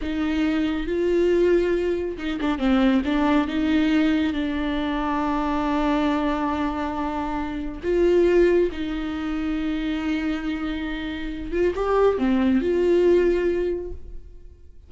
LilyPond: \new Staff \with { instrumentName = "viola" } { \time 4/4 \tempo 4 = 138 dis'2 f'2~ | f'4 dis'8 d'8 c'4 d'4 | dis'2 d'2~ | d'1~ |
d'2 f'2 | dis'1~ | dis'2~ dis'8 f'8 g'4 | c'4 f'2. | }